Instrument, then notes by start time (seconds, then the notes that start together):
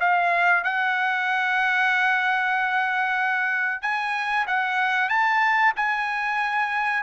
trumpet
0.00 F5
0.64 F#5
3.82 G#5
4.47 F#5
5.09 A5
5.76 G#5